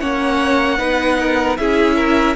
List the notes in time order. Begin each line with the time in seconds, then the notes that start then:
0.00 A#3 C#4 C#5 F#5
0.78 B3 D#4 B4
1.20 A#4
1.57 C#4 E4 G#4 E5
1.96 A#4